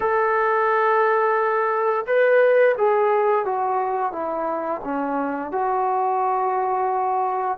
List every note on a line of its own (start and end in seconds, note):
0.00 2.05 A4
2.06 2.75 B4
2.77 3.45 G#4
3.45 4.12 F#4
4.12 4.81 E4
4.84 5.51 C#4
5.51 7.57 F#4